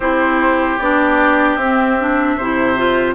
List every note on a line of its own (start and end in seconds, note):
0.00 0.78 C4
0.00 0.80 E4
0.00 2.36 G4
0.00 0.78 C5
0.78 1.57 B3
0.78 1.60 D4
0.78 1.56 D5
1.56 2.36 C4
1.56 1.99 C4
1.56 3.14 E5
1.99 2.39 D4
2.37 3.15 C3
2.37 2.76 E4
2.37 3.15 C5
2.76 3.15 F4